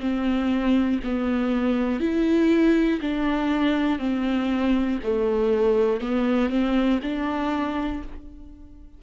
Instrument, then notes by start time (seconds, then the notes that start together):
viola
0.00 C4
1.04 B3
2.00 E4
3.01 D4
4.00 C4
5.04 A3
6.01 B3
6.50 C4
7.03 D4